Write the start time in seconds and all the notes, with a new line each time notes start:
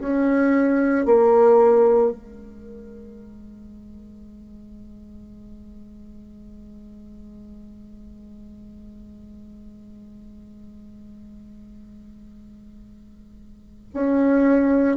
0.00 C#4
1.06 A#3
2.12 G#3
13.94 C#4